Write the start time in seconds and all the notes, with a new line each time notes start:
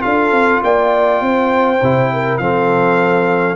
0.00 D4 F4 A4 F5
0.31 C4
0.63 A#3 D5 G5
1.21 C4 C5
1.82 C3 E4
2.13 A#4
2.38 F3 C4 A4 F5